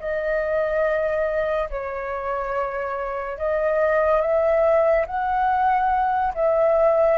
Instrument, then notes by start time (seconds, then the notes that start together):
flute
0.00 D#5
1.70 C#5
3.38 D#5
4.21 E5
5.06 F#5
6.34 E5